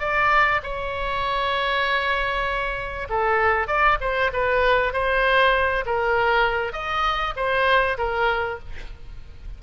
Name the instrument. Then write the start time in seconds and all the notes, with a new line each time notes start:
oboe
0.00 D5
0.63 C#5
3.10 A4
3.67 D5
4.01 C5
4.33 B4
4.93 C5
5.86 A#4
6.73 D#5
7.36 C5
7.98 A#4